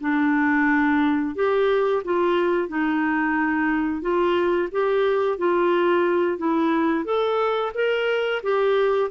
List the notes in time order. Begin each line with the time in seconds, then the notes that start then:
0.00 D4
1.35 G4
2.04 F4
2.68 D#4
4.01 F4
4.71 G4
5.38 F4
6.38 E4
7.04 A4
7.74 A#4
8.42 G4